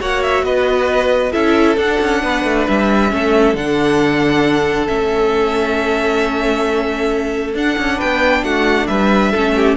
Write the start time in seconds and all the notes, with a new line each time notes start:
0.00 A#3 F#4 C#5 F#5
0.22 E5
0.43 B3 B4 D#5
1.32 C#4 E4 A4 E5
1.76 D4 F#5
2.00 C#4
2.22 B3 B4
2.44 A3
2.67 G3 E5
3.10 A3 C#4 A4
3.54 D3 D4 F#5
4.87 A3 C#4 E5
7.54 D4 F#5
7.78 C#4
7.96 B4 G5
8.02 B3
8.44 A3 F#4 F#5
8.87 G3 B4 E5
9.31 A3 C#4 A4
9.56 G4